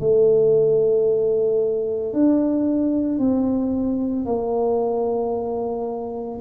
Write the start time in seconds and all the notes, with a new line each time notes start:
0.00 A3
2.13 D4
3.19 C4
4.26 A#3